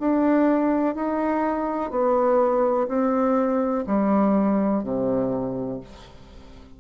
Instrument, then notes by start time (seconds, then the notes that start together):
bassoon
0.00 D4
0.95 D#4
1.91 B3
2.88 C4
3.87 G3
4.84 C3